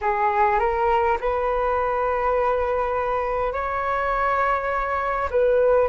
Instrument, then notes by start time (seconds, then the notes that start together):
flute
0.01 G#4
0.59 A#4
1.20 B4
3.52 C#5
5.30 B4